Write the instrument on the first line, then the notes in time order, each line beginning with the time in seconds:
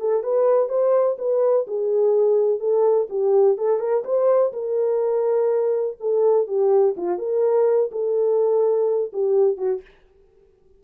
horn
0.00 A4
0.23 B4
0.69 C5
1.18 B4
1.67 G#4
2.60 A4
3.10 G4
3.58 A4
3.79 A#4
4.05 C5
4.53 A#4
6.00 A4
6.47 G4
6.97 F4
7.18 A#4
7.92 A4
9.13 G4
9.57 F#4